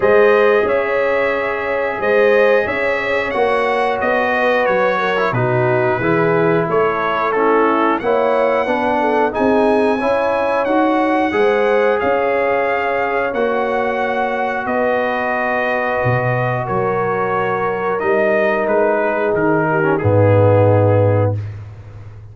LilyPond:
<<
  \new Staff \with { instrumentName = "trumpet" } { \time 4/4 \tempo 4 = 90 dis''4 e''2 dis''4 | e''4 fis''4 dis''4 cis''4 | b'2 cis''4 a'4 | fis''2 gis''2 |
fis''2 f''2 | fis''2 dis''2~ | dis''4 cis''2 dis''4 | b'4 ais'4 gis'2 | }
  \new Staff \with { instrumentName = "horn" } { \time 4/4 c''4 cis''2 c''4 | cis''2~ cis''8 b'4 ais'8 | fis'4 gis'4 a'4 e'4 | cis''4 b'8 a'8 gis'4 cis''4~ |
cis''4 c''4 cis''2~ | cis''2 b'2~ | b'4 ais'2.~ | ais'8 gis'4 g'8 dis'2 | }
  \new Staff \with { instrumentName = "trombone" } { \time 4/4 gis'1~ | gis'4 fis'2~ fis'8. e'16 | dis'4 e'2 cis'4 | e'4 d'4 dis'4 e'4 |
fis'4 gis'2. | fis'1~ | fis'2. dis'4~ | dis'4.~ dis'16 cis'16 b2 | }
  \new Staff \with { instrumentName = "tuba" } { \time 4/4 gis4 cis'2 gis4 | cis'4 ais4 b4 fis4 | b,4 e4 a2 | ais4 b4 c'4 cis'4 |
dis'4 gis4 cis'2 | ais2 b2 | b,4 fis2 g4 | gis4 dis4 gis,2 | }
>>